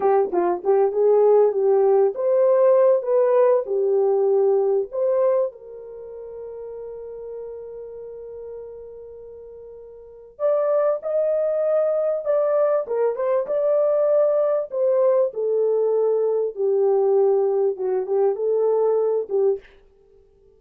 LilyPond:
\new Staff \with { instrumentName = "horn" } { \time 4/4 \tempo 4 = 98 g'8 f'8 g'8 gis'4 g'4 c''8~ | c''4 b'4 g'2 | c''4 ais'2.~ | ais'1~ |
ais'4 d''4 dis''2 | d''4 ais'8 c''8 d''2 | c''4 a'2 g'4~ | g'4 fis'8 g'8 a'4. g'8 | }